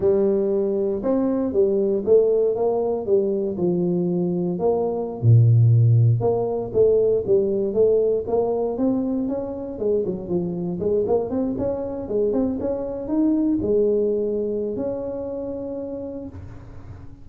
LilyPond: \new Staff \with { instrumentName = "tuba" } { \time 4/4 \tempo 4 = 118 g2 c'4 g4 | a4 ais4 g4 f4~ | f4 ais4~ ais16 ais,4.~ ais,16~ | ais,16 ais4 a4 g4 a8.~ |
a16 ais4 c'4 cis'4 gis8 fis16~ | fis16 f4 gis8 ais8 c'8 cis'4 gis16~ | gis16 c'8 cis'4 dis'4 gis4~ gis16~ | gis4 cis'2. | }